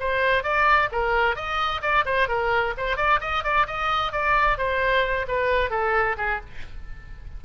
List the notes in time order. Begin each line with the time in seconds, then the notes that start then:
0.00 C5
0.44 D5
0.92 A#4
1.36 D#5
1.82 D5
2.06 C5
2.28 A#4
2.77 C5
2.97 D5
3.21 D#5
3.44 D5
3.67 D#5
4.12 D5
4.58 C5
5.28 B4
5.70 A4
6.18 G#4